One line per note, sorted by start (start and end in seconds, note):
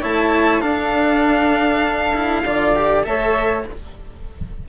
0.00 0.62 A3
0.00 0.61 E4
0.00 0.61 C#5
0.00 0.61 A5
0.61 2.13 D4
0.61 2.44 D4
0.61 2.43 A4
0.61 3.03 F5
2.14 2.44 E4
2.44 3.05 D3
2.44 2.76 F4
2.44 3.05 D5
2.76 3.04 G4
3.04 3.66 A3
3.04 3.64 A4
3.04 3.68 C#5
3.04 3.66 E5